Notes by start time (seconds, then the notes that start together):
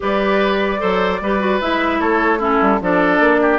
0.00 G3 G4 B4 D5
0.78 F#3 A4 C5
1.21 G3 G4 B4
1.39 F#4
1.61 G#3 E4 E5
1.99 A3 A4 C#5
2.39 C#4 E4 A4
2.61 G3
2.81 F3 D4 A4 D5
3.19 A#3
3.41 G4